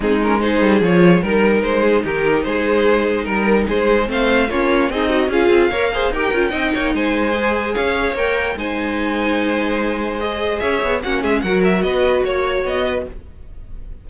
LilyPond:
<<
  \new Staff \with { instrumentName = "violin" } { \time 4/4 \tempo 4 = 147 gis'8 ais'8 c''4 cis''4 ais'4 | c''4 ais'4 c''2 | ais'4 c''4 f''4 cis''4 | dis''4 f''2 g''4~ |
g''4 gis''2 f''4 | g''4 gis''2.~ | gis''4 dis''4 e''4 fis''8 e''8 | fis''8 e''8 dis''4 cis''4 dis''4 | }
  \new Staff \with { instrumentName = "violin" } { \time 4/4 dis'4 gis'2 ais'4~ | ais'8 gis'8 g'4 gis'2 | ais'4 gis'4 c''4 f'4 | dis'4 gis'4 cis''8 c''8 ais'4 |
dis''8 cis''8 c''2 cis''4~ | cis''4 c''2.~ | c''2 cis''4 fis'8 gis'8 | ais'4 b'4 cis''4. b'8 | }
  \new Staff \with { instrumentName = "viola" } { \time 4/4 c'8 cis'8 dis'4 f'4 dis'4~ | dis'1~ | dis'2 c'4 cis'4 | gis'8 fis'8 f'4 ais'8 gis'8 g'8 f'8 |
dis'2 gis'2 | ais'4 dis'2.~ | dis'4 gis'2 cis'4 | fis'1 | }
  \new Staff \with { instrumentName = "cello" } { \time 4/4 gis4. g8 f4 g4 | gis4 dis4 gis2 | g4 gis4 a4 ais4 | c'4 cis'8 c'8 ais4 dis'8 cis'8 |
c'8 ais8 gis2 cis'4 | ais4 gis2.~ | gis2 cis'8 b8 ais8 gis8 | fis4 b4 ais4 b4 | }
>>